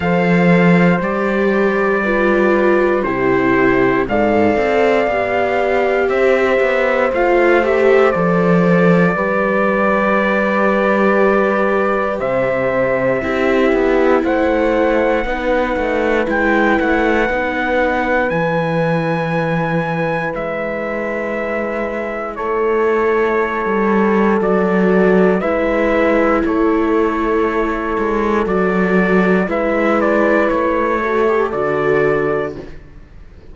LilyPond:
<<
  \new Staff \with { instrumentName = "trumpet" } { \time 4/4 \tempo 4 = 59 f''4 d''2 c''4 | f''2 e''4 f''8 e''8 | d''1 | e''2 fis''2 |
g''8 fis''4. gis''2 | e''2 cis''2 | d''4 e''4 cis''2 | d''4 e''8 d''8 cis''4 d''4 | }
  \new Staff \with { instrumentName = "horn" } { \time 4/4 c''2 b'4 g'4 | d''2 c''2~ | c''4 b'2. | c''4 g'4 c''4 b'4~ |
b'1~ | b'2 a'2~ | a'4 b'4 a'2~ | a'4 b'4. a'4. | }
  \new Staff \with { instrumentName = "viola" } { \time 4/4 a'4 g'4 f'4 e'4 | a'4 g'2 f'8 g'8 | a'4 g'2.~ | g'4 e'2 dis'4 |
e'4 dis'4 e'2~ | e'1 | fis'4 e'2. | fis'4 e'4. fis'16 g'16 fis'4 | }
  \new Staff \with { instrumentName = "cello" } { \time 4/4 f4 g2 c4 | gis,8 c'8 b4 c'8 b8 a4 | f4 g2. | c4 c'8 b8 a4 b8 a8 |
gis8 a8 b4 e2 | gis2 a4~ a16 g8. | fis4 gis4 a4. gis8 | fis4 gis4 a4 d4 | }
>>